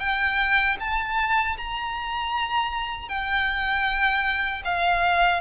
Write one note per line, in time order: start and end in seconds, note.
0.00 0.77 G5
0.80 1.57 A5
1.57 3.08 A#5
3.08 4.62 G5
4.64 5.41 F5